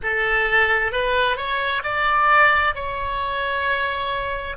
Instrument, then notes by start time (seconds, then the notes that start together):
oboe
0.02 A4
0.91 B4
1.36 C#5
1.83 D5
2.74 C#5